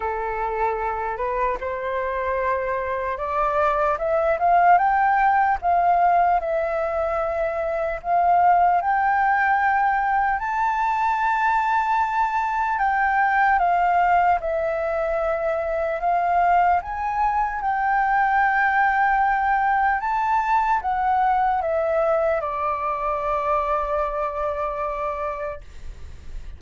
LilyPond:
\new Staff \with { instrumentName = "flute" } { \time 4/4 \tempo 4 = 75 a'4. b'8 c''2 | d''4 e''8 f''8 g''4 f''4 | e''2 f''4 g''4~ | g''4 a''2. |
g''4 f''4 e''2 | f''4 gis''4 g''2~ | g''4 a''4 fis''4 e''4 | d''1 | }